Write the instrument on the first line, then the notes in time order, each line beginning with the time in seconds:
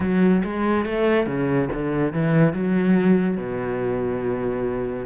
cello
0.00 F#3
0.43 G#3
0.85 A3
1.26 C#3
1.72 D3
2.12 E3
2.53 F#3
3.37 B2